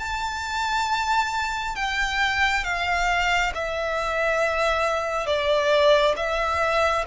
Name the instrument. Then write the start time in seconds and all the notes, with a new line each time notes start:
violin
0.00 A5
1.76 G5
2.65 F5
3.55 E5
5.27 D5
6.17 E5